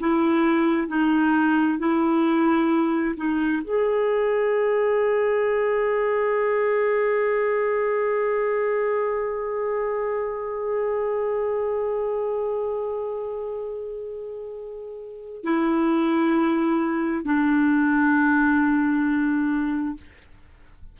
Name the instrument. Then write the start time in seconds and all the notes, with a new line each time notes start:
clarinet
0.00 E4
0.88 D#4
1.79 E4
3.17 D#4
3.64 G#4
15.44 E4
17.25 D4